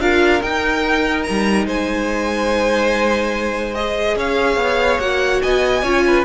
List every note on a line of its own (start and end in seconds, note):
0.00 0.42 D4
0.00 0.42 F4
0.00 1.66 A#4
0.00 0.43 F5
0.43 3.75 D#4
0.43 1.27 D#4
0.43 1.23 G5
1.23 1.65 A#5
1.30 1.67 G3
1.66 4.16 G#3
1.66 4.16 C5
1.66 3.75 G#5
3.75 5.00 G#4
3.75 4.17 D#5
4.16 4.57 C#4
4.16 5.43 C#5
4.16 5.00 F5
4.57 4.98 B3
5.00 5.41 A#3
5.00 5.84 F#4
5.00 5.42 F#5
5.42 5.83 B3
5.42 5.83 D#5
5.42 6.26 G#5
5.83 6.25 C#4
5.83 6.26 F4
5.83 6.04 C#5
6.07 6.26 B4